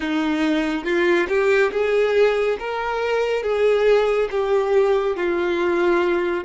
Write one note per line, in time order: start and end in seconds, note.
0.00 0.84 D#4
0.84 1.27 F4
1.28 1.71 G4
1.71 2.57 G#4
2.59 3.42 A#4
3.42 4.28 G#4
4.31 5.16 G4
5.16 6.44 F4